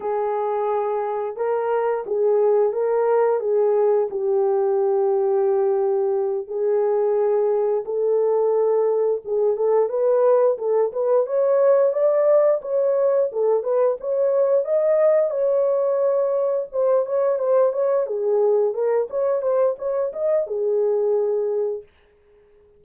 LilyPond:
\new Staff \with { instrumentName = "horn" } { \time 4/4 \tempo 4 = 88 gis'2 ais'4 gis'4 | ais'4 gis'4 g'2~ | g'4. gis'2 a'8~ | a'4. gis'8 a'8 b'4 a'8 |
b'8 cis''4 d''4 cis''4 a'8 | b'8 cis''4 dis''4 cis''4.~ | cis''8 c''8 cis''8 c''8 cis''8 gis'4 ais'8 | cis''8 c''8 cis''8 dis''8 gis'2 | }